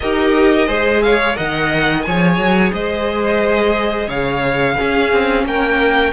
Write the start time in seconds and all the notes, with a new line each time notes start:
0.00 D#4 G4 A#4 D#5
0.67 G#3 G#4 C5
1.02 C#5 F5
1.34 D#3 A#4 D#5 F#5
2.02 F3 G#4 C#5 G#5
2.37 F#3
2.72 G#3 C5 D#5
4.07 C#3 C#5 F5
4.76 C#4 G#4
5.12 C4
5.44 A#3 A#4 G5